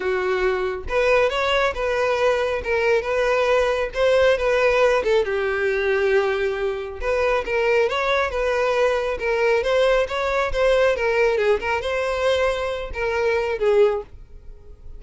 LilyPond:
\new Staff \with { instrumentName = "violin" } { \time 4/4 \tempo 4 = 137 fis'2 b'4 cis''4 | b'2 ais'4 b'4~ | b'4 c''4 b'4. a'8 | g'1 |
b'4 ais'4 cis''4 b'4~ | b'4 ais'4 c''4 cis''4 | c''4 ais'4 gis'8 ais'8 c''4~ | c''4. ais'4. gis'4 | }